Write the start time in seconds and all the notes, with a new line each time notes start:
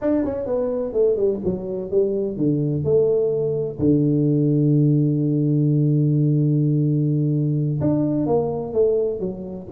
0.01 D4
0.24 C#4
0.46 B3
0.92 A3
1.16 G3
1.44 F#3
1.90 G3
2.36 D3
2.84 A3
3.78 D3
7.80 D4
8.26 A#3
8.73 A3
9.19 F#3